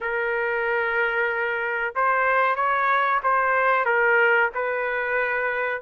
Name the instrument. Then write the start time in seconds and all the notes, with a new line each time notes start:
trumpet
0.00 A#4
1.95 C5
2.55 C#5
3.23 C5
3.85 A#4
4.54 B4